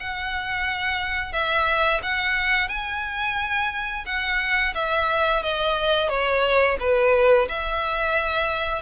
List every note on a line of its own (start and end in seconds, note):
0.00 1.33 F#5
1.33 2.01 E5
2.03 2.69 F#5
2.69 4.05 G#5
4.06 4.74 F#5
4.75 5.43 E5
5.43 6.09 D#5
6.09 6.77 C#5
6.80 7.48 B4
7.49 8.82 E5